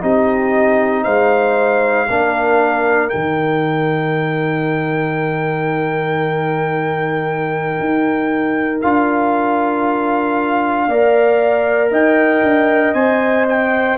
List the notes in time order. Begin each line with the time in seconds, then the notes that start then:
0.00 C4 D#4 G4 D#5
1.03 G#3 C5 F5
2.08 A#3 D4 A#4
3.09 D#3 D#4 G5
7.80 D#4
8.81 D4 F4 F5
10.87 A#3 A#4 D5
11.91 D#4 D#5 G5
12.42 D4
12.94 C4 C5 G#5
13.48 G5